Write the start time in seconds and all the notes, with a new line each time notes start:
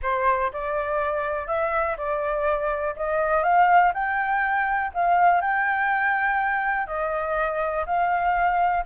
0.02 C5
0.52 D5
1.47 E5
1.97 D5
2.96 D#5
3.43 F5
3.93 G5
4.93 F5
5.41 G5
6.86 D#5
7.86 F5